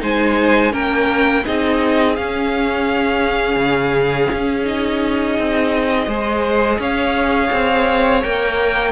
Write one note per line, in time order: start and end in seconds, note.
0.00 0.73 G#3
0.00 0.71 D#4
0.00 0.72 C5
0.00 0.74 G#5
0.71 1.45 A#3
0.71 1.43 C#4
0.71 1.44 A#4
0.71 1.45 G5
1.45 2.18 C4
1.45 2.17 D#4
1.45 6.08 G#4
1.45 2.16 D#5
2.16 4.65 C#4
2.16 3.57 C#4
2.16 4.66 F5
3.57 4.28 C#3
4.33 5.39 C#4
4.65 6.08 D#4
4.65 6.82 D#5
5.39 6.07 C4
6.07 6.79 G#3
6.07 8.23 G#4
6.07 6.80 C5
6.79 7.51 C#4
6.79 8.92 C#5
6.79 8.24 F5
7.52 8.24 C4
8.23 8.92 A#3
8.23 8.92 A#4
8.23 8.92 G5